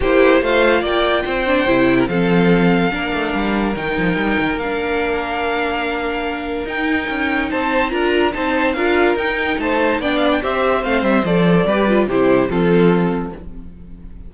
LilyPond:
<<
  \new Staff \with { instrumentName = "violin" } { \time 4/4 \tempo 4 = 144 c''4 f''4 g''2~ | g''4 f''2.~ | f''4 g''2 f''4~ | f''1 |
g''2 a''4 ais''4 | a''4 f''4 g''4 a''4 | g''8 f''16 g''16 e''4 f''8 e''8 d''4~ | d''4 c''4 a'2 | }
  \new Staff \with { instrumentName = "violin" } { \time 4/4 g'4 c''4 d''4 c''4~ | c''8. ais'16 a'2 ais'4~ | ais'1~ | ais'1~ |
ais'2 c''4 ais'4 | c''4 ais'2 c''4 | d''4 c''2. | b'4 g'4 f'2 | }
  \new Staff \with { instrumentName = "viola" } { \time 4/4 e'4 f'2~ f'8 d'8 | e'4 c'2 d'4~ | d'4 dis'2 d'4~ | d'1 |
dis'2. f'4 | dis'4 f'4 dis'2 | d'4 g'4 c'4 a'4 | g'8 f'8 e'4 c'2 | }
  \new Staff \with { instrumentName = "cello" } { \time 4/4 ais4 a4 ais4 c'4 | c4 f2 ais8 a8 | g4 dis8 f8 g8 dis8 ais4~ | ais1 |
dis'4 cis'4 c'4 d'4 | c'4 d'4 dis'4 a4 | b4 c'4 a8 g8 f4 | g4 c4 f2 | }
>>